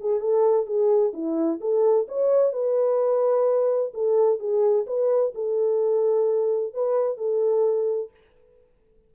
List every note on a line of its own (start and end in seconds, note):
0.00 0.20 G#4
0.20 0.66 A4
0.66 1.12 G#4
1.13 1.59 E4
1.60 2.07 A4
2.08 2.52 C#5
2.52 3.92 B4
3.93 4.39 A4
4.39 4.86 G#4
4.86 5.33 B4
5.34 6.73 A4
6.73 7.17 B4
7.17 8.10 A4